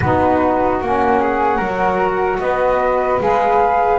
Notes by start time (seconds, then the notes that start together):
0.00 B3 D#4 F#4 B4
0.81 A#3 C#4 F#5
1.20 G#4
1.57 F#3 F#4 A#4
2.39 B3 B4 D#5
3.19 G#3 G#4 F5